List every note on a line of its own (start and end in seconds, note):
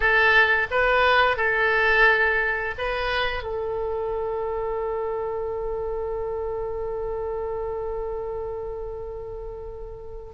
0.00 0.67 A4
0.70 1.36 B4
1.36 2.74 A4
2.77 3.43 B4
3.43 10.33 A4